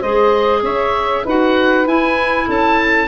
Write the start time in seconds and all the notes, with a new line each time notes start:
0.00 G#3 G#4 C5 D#5
0.62 C#4 C#5 E5
1.23 D#4 F#4 B4 F#5
1.85 E4 G#5
2.46 C#4 A4 A5